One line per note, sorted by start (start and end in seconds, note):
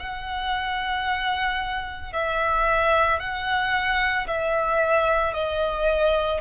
0.00 2.13 F#5
2.13 3.20 E5
3.20 4.27 F#5
4.28 5.34 E5
5.34 6.41 D#5